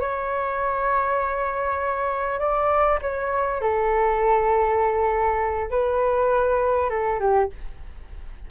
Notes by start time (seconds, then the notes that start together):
0.00 C#5
2.39 D5
3.02 C#5
3.61 A4
5.71 B4
6.90 A4
7.20 G4